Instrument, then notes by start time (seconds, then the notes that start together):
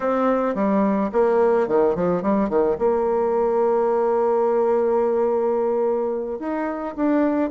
bassoon
0.00 C4
0.54 G3
1.12 A#3
1.67 D#3
1.95 F3
2.22 G3
2.48 D#3
2.78 A#3
6.39 D#4
6.95 D4